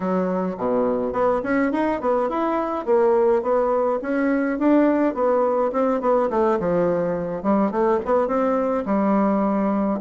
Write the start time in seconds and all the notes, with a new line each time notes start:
0.00 F#3
0.57 B2
1.12 B3
1.43 C#4
1.72 D#4
2.00 B3
2.29 E4
2.85 A#3
3.42 B3
4.02 C#4
4.58 D4
5.14 B3
5.72 C4
6.01 B3
6.30 A3
6.59 F3
7.42 G3
7.71 A3
8.05 B3
8.27 C4
8.85 G3